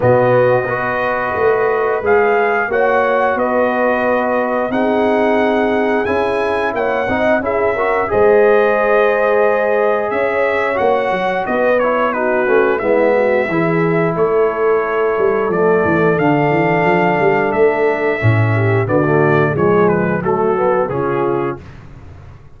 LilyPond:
<<
  \new Staff \with { instrumentName = "trumpet" } { \time 4/4 \tempo 4 = 89 dis''2. f''4 | fis''4 dis''2 fis''4~ | fis''4 gis''4 fis''4 e''4 | dis''2. e''4 |
fis''4 dis''8 cis''8 b'4 e''4~ | e''4 cis''2 d''4 | f''2 e''2 | d''4 cis''8 b'8 a'4 gis'4 | }
  \new Staff \with { instrumentName = "horn" } { \time 4/4 fis'4 b'2. | cis''4 b'2 gis'4~ | gis'2 cis''8 dis''8 gis'8 ais'8 | c''2. cis''4~ |
cis''4 b'4 fis'4 e'8 fis'8 | gis'4 a'2.~ | a'2.~ a'8 g'8 | fis'4 gis'4 fis'4 f'4 | }
  \new Staff \with { instrumentName = "trombone" } { \time 4/4 b4 fis'2 gis'4 | fis'2. dis'4~ | dis'4 e'4. dis'8 e'8 fis'8 | gis'1 |
fis'4. e'8 dis'8 cis'8 b4 | e'2. a4 | d'2. cis'4 | b16 a8. gis4 a8 b8 cis'4 | }
  \new Staff \with { instrumentName = "tuba" } { \time 4/4 b,4 b4 a4 gis4 | ais4 b2 c'4~ | c'4 cis'4 ais8 c'8 cis'4 | gis2. cis'4 |
ais8 fis8 b4. a8 gis4 | e4 a4. g8 f8 e8 | d8 e8 f8 g8 a4 a,4 | d4 f4 fis4 cis4 | }
>>